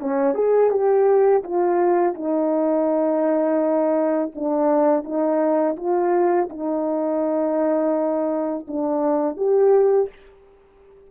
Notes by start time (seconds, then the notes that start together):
0.00 C#4
0.35 G#4
0.71 G4
1.44 F4
2.15 D#4
4.35 D4
5.04 D#4
5.77 F4
6.50 D#4
8.68 D4
9.37 G4